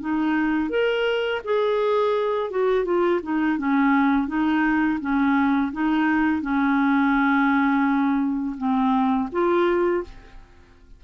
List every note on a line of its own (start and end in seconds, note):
0.00 0.69 D#4
0.69 1.41 A#4
1.44 2.50 G#4
2.50 2.84 F#4
2.84 3.20 F4
3.22 3.57 D#4
3.57 4.27 C#4
4.27 4.99 D#4
5.00 5.71 C#4
5.72 6.41 D#4
6.41 8.56 C#4
8.57 9.29 C4
9.32 10.03 F4